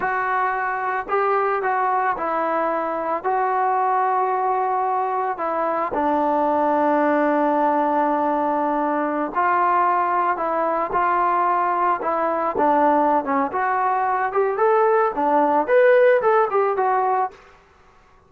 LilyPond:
\new Staff \with { instrumentName = "trombone" } { \time 4/4 \tempo 4 = 111 fis'2 g'4 fis'4 | e'2 fis'2~ | fis'2 e'4 d'4~ | d'1~ |
d'4~ d'16 f'2 e'8.~ | e'16 f'2 e'4 d'8.~ | d'8 cis'8 fis'4. g'8 a'4 | d'4 b'4 a'8 g'8 fis'4 | }